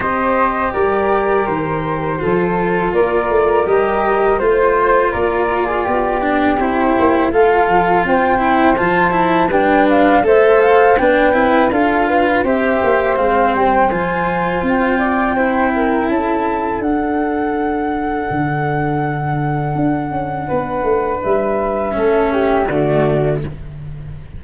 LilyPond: <<
  \new Staff \with { instrumentName = "flute" } { \time 4/4 \tempo 4 = 82 dis''4 d''4 c''2 | d''4 dis''4 c''4 d''4~ | d''4 c''4 f''4 g''4 | a''4 g''8 f''8 e''8 f''8 g''4 |
f''4 e''4 f''8 g''8 gis''4 | g''2 a''4 fis''4~ | fis''1~ | fis''4 e''2 d''4 | }
  \new Staff \with { instrumentName = "flute" } { \time 4/4 c''4 ais'2 a'4 | ais'2 c''4 ais'8. gis'16 | g'2 a'4 c''4~ | c''4 b'4 c''4 b'4 |
a'8 b'8 c''2.~ | c''8 d''8 c''8 ais'8 a'2~ | a'1 | b'2 a'8 g'8 fis'4 | }
  \new Staff \with { instrumentName = "cello" } { \time 4/4 g'2. f'4~ | f'4 g'4 f'2~ | f'8 d'8 e'4 f'4. e'8 | f'8 e'8 d'4 a'4 d'8 e'8 |
f'4 g'4 c'4 f'4~ | f'4 e'2 d'4~ | d'1~ | d'2 cis'4 a4 | }
  \new Staff \with { instrumentName = "tuba" } { \time 4/4 c'4 g4 dis4 f4 | ais8 a8 g4 a4 ais4 | b4 c'8 ais8 a8 f8 c'4 | f4 g4 a4 b8 c'8 |
d'4 c'8 ais8 gis8 g8 f4 | c'2 cis'4 d'4~ | d'4 d2 d'8 cis'8 | b8 a8 g4 a4 d4 | }
>>